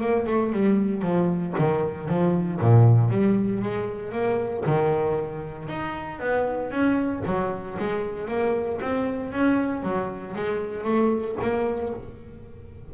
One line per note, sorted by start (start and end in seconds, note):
0.00 0.26 A#3
0.27 0.52 A3
0.52 1.02 G3
1.02 1.54 F3
1.58 2.09 D#3
2.09 2.60 F3
2.60 3.10 A#2
3.10 3.62 G3
3.62 4.12 G#3
4.12 4.64 A#3
4.66 5.68 D#3
5.68 6.20 D#4
6.20 6.71 B3
6.71 7.22 C#4
7.26 7.78 F#3
7.79 8.28 G#3
8.28 8.80 A#3
8.81 9.32 C4
9.32 9.83 C#4
9.83 10.35 F#3
10.36 10.84 G#3
10.84 11.36 A3
11.42 11.94 A#3